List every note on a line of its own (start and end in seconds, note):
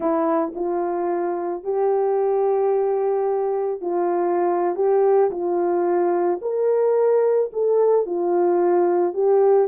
0.00 0.53 E4
0.55 1.63 F4
1.63 3.81 G4
3.81 4.75 F4
4.75 5.30 G4
5.31 6.40 F4
6.41 7.50 A#4
7.52 8.06 A4
8.06 9.13 F4
9.13 9.68 G4